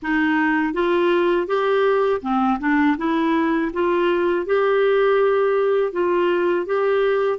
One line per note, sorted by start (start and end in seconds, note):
0.02 0.73 D#4
0.73 1.47 F4
1.47 2.21 G4
2.21 2.58 C4
2.59 2.96 D4
2.97 3.71 E4
3.73 4.46 F4
4.46 5.92 G4
5.92 6.66 F4
6.66 7.38 G4